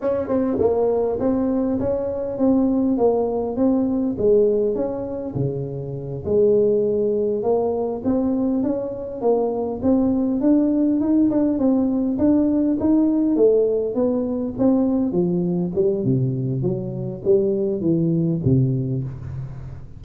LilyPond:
\new Staff \with { instrumentName = "tuba" } { \time 4/4 \tempo 4 = 101 cis'8 c'8 ais4 c'4 cis'4 | c'4 ais4 c'4 gis4 | cis'4 cis4. gis4.~ | gis8 ais4 c'4 cis'4 ais8~ |
ais8 c'4 d'4 dis'8 d'8 c'8~ | c'8 d'4 dis'4 a4 b8~ | b8 c'4 f4 g8 c4 | fis4 g4 e4 c4 | }